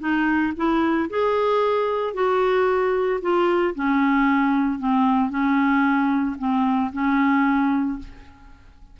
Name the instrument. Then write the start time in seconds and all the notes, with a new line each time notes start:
clarinet
0.00 D#4
0.57 E4
1.10 G#4
2.14 F#4
3.22 F4
3.76 C#4
4.79 C4
5.30 C#4
6.39 C4
6.93 C#4